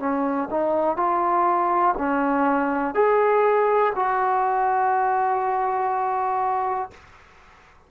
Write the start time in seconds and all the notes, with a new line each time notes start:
0.00 C#4
0.51 D#4
0.97 F4
1.98 C#4
2.95 G#4
3.96 F#4